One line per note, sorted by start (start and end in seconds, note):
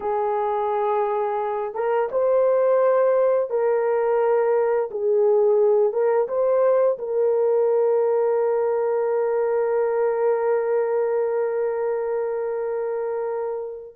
0.00 1.74 G#4
1.74 2.09 A#4
2.11 3.49 C5
3.49 4.89 A#4
4.90 5.92 G#4
5.92 6.27 A#4
6.28 6.98 C5
6.98 13.95 A#4